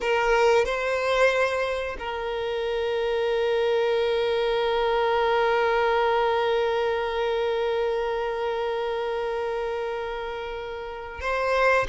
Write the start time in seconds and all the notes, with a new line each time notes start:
0.01 A#4
0.65 C5
1.99 A#4
11.21 C5